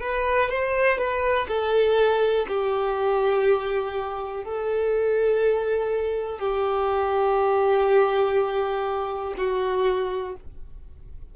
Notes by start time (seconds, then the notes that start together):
0.00 B4
0.49 C5
0.97 B4
1.48 A4
2.48 G4
4.44 A4
6.38 G4
9.37 F#4